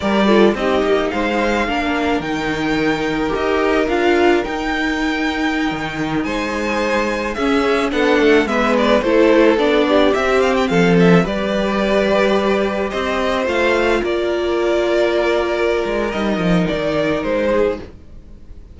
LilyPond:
<<
  \new Staff \with { instrumentName = "violin" } { \time 4/4 \tempo 4 = 108 d''4 dis''4 f''2 | g''2 dis''4 f''4 | g''2.~ g''16 gis''8.~ | gis''4~ gis''16 e''4 fis''4 e''8 d''16~ |
d''16 c''4 d''4 e''8 f''16 g''16 f''8 e''16~ | e''16 d''2. dis''8.~ | dis''16 f''4 d''2~ d''8.~ | d''4 dis''4 d''4 c''4 | }
  \new Staff \with { instrumentName = "violin" } { \time 4/4 ais'8 a'8 g'4 c''4 ais'4~ | ais'1~ | ais'2.~ ais'16 c''8.~ | c''4~ c''16 gis'4 a'4 b'8.~ |
b'16 a'4. g'4. a'8.~ | a'16 b'2. c''8.~ | c''4~ c''16 ais'2~ ais'8.~ | ais'2.~ ais'8 gis'8 | }
  \new Staff \with { instrumentName = "viola" } { \time 4/4 g'8 f'8 dis'2 d'4 | dis'2 g'4 f'4 | dis'1~ | dis'4~ dis'16 cis'4 d'4 b8.~ |
b16 e'4 d'4 c'4.~ c'16~ | c'16 g'2.~ g'8.~ | g'16 f'2.~ f'8.~ | f'4 dis'2. | }
  \new Staff \with { instrumentName = "cello" } { \time 4/4 g4 c'8 ais8 gis4 ais4 | dis2 dis'4 d'4 | dis'2~ dis'16 dis4 gis8.~ | gis4~ gis16 cis'4 b8 a8 gis8.~ |
gis16 a4 b4 c'4 f8.~ | f16 g2. c'8.~ | c'16 a4 ais2~ ais8.~ | ais8 gis8 g8 f8 dis4 gis4 | }
>>